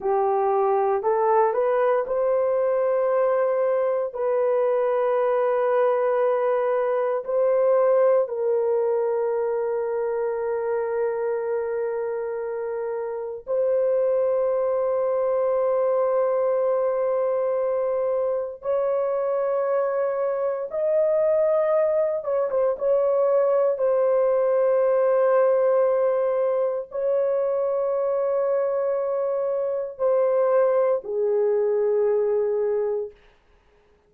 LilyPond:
\new Staff \with { instrumentName = "horn" } { \time 4/4 \tempo 4 = 58 g'4 a'8 b'8 c''2 | b'2. c''4 | ais'1~ | ais'4 c''2.~ |
c''2 cis''2 | dis''4. cis''16 c''16 cis''4 c''4~ | c''2 cis''2~ | cis''4 c''4 gis'2 | }